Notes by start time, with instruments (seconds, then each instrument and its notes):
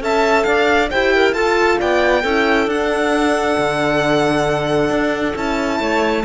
0.00 cello C#4, horn A4, clarinet E5, violin A5
0.44 cello D4, clarinet D5, violin F5
0.91 cello E4, horn G4, clarinet C5, violin G5
1.15 clarinet A#4
1.33 cello F4, horn F4, clarinet A4, violin A5
1.79 cello B3, clarinet D5, violin G5
2.22 cello C#4, horn E4, clarinet A4
2.67 cello D4, horn D4, violin F#5
3.57 cello D3
4.90 cello D4
5.35 cello C#4, horn E4, violin A5
5.79 cello A3, clarinet C#5